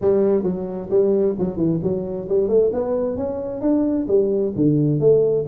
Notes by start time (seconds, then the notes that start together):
0.01 G3
0.43 F#3
0.90 G3
1.38 F#3
1.56 E3
1.82 F#3
2.28 G3
2.48 A3
2.72 B3
3.17 C#4
3.61 D4
4.07 G3
4.55 D3
4.99 A3